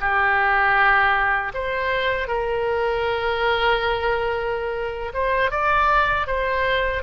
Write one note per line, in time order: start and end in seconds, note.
0.00 1.52 G4
1.54 2.28 C5
2.28 5.12 A#4
5.13 5.50 C5
5.50 6.26 D5
6.26 7.02 C5